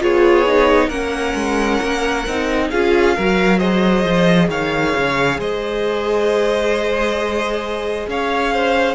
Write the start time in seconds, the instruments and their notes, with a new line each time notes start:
0.00 cello B3, viola F4, violin G#4 C#5
0.47 viola D#4
0.88 cello A#3, viola C#4, violin A#4 F#5
1.35 cello G#3
1.82 cello A#3
2.27 cello C4, viola D#4
2.71 cello C#4, viola F4, violin G#4 F5
3.16 cello F#3, viola F#4, violin A#4
3.59 viola G#4, violin C5 D#5
4.05 cello F3
4.49 cello D#3, violin C#5 F5
4.97 cello C#3
5.39 cello G#3, violin C5 D#5
8.08 cello C#4, violin C#5 F5
8.53 violin C5